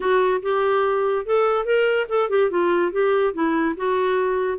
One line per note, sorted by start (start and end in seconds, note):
0.00 0.41 F#4
0.42 1.25 G4
1.25 1.65 A4
1.65 2.06 A#4
2.08 2.29 A4
2.29 2.50 G4
2.50 2.92 F4
2.92 3.33 G4
3.33 3.75 E4
3.76 4.58 F#4